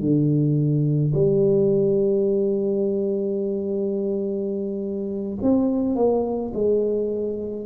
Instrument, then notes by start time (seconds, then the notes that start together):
tuba
0.00 D3
1.14 G3
5.42 C4
5.95 A#3
6.54 G#3